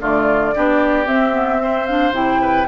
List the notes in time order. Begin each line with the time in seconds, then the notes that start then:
0.00 D3 A3 F4 D5
0.54 B3 D4 G4
1.05 C4 E5
1.31 B3
1.58 C4 C5
1.86 D4 F5
2.11 C3 E4 G5
2.41 B4